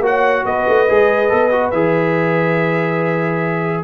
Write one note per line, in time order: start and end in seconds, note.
0.00 0.43 A#3
0.00 0.87 F#4
0.00 0.45 C#5
0.00 0.45 F#5
0.45 0.66 B3
0.45 3.84 B4
0.45 1.71 D#5
0.68 0.89 A3
0.88 1.32 G#3
0.88 1.29 G#4
1.29 1.72 B3
1.29 1.51 A4
1.51 1.73 F#4
1.71 3.84 E3
1.71 3.84 G#4
1.71 3.84 E5